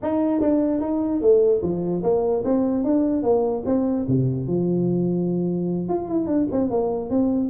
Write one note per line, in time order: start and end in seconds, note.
0.02 0.40 D#4
0.40 0.80 D4
0.80 1.21 D#4
1.21 1.61 A3
1.62 2.03 F3
2.03 2.43 A#3
2.44 2.84 C4
2.84 3.22 D4
3.22 3.63 A#3
3.65 4.06 C4
4.07 4.47 C3
4.47 5.89 F3
5.89 6.08 F4
6.08 6.26 E4
6.26 6.47 D4
6.51 6.70 C4
6.70 7.09 A#3
7.09 7.50 C4